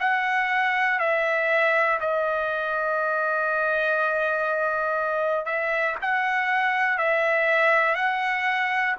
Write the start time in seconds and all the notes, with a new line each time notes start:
0.00 F#5
0.99 E5
2.00 D#5
5.45 E5
6.01 F#5
6.98 E5
7.95 F#5